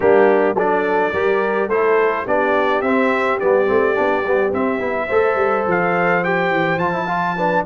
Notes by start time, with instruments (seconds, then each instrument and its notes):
0.00 tuba G3, trombone A#3, horn D4, trumpet G4
0.54 tuba F#3, trombone D4, horn A4, trumpet D5
1.12 tuba G3, trombone G4, horn A#4
1.68 tuba A3, trombone E4, horn A4, trumpet C5
2.25 tuba B3, trombone D4, horn G4, trumpet D5
2.81 tuba C4, trombone C4, trumpet E5
3.39 tuba G3, trombone B3, trumpet D5
3.66 tuba A3, trombone C4
3.94 tuba B3, trombone D4
4.24 tuba G3, trombone B3
4.52 trombone C4, tuba C4, trumpet E5
4.79 tuba B3, trombone E4
5.06 tuba A3, trombone A4, horn C5
5.35 tuba G3
5.67 tuba F3, trumpet F5
6.23 trombone G4, trumpet G5
6.50 tuba E3
6.77 tuba F3, trombone F4, trumpet A5
6.92 trombone E4
7.05 trombone F4, horn F5
7.36 trombone D4, horn B4